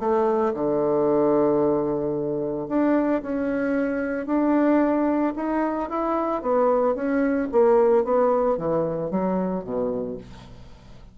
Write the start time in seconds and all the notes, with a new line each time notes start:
0.00 A3
0.54 D3
2.69 D4
3.22 C#4
4.27 D4
5.36 D#4
5.90 E4
6.42 B3
6.95 C#4
7.52 A#3
8.05 B3
8.58 E3
9.11 F#3
9.64 B2